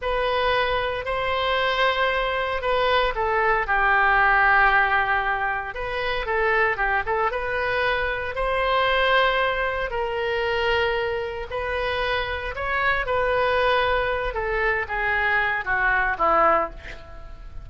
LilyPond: \new Staff \with { instrumentName = "oboe" } { \time 4/4 \tempo 4 = 115 b'2 c''2~ | c''4 b'4 a'4 g'4~ | g'2. b'4 | a'4 g'8 a'8 b'2 |
c''2. ais'4~ | ais'2 b'2 | cis''4 b'2~ b'8 a'8~ | a'8 gis'4. fis'4 e'4 | }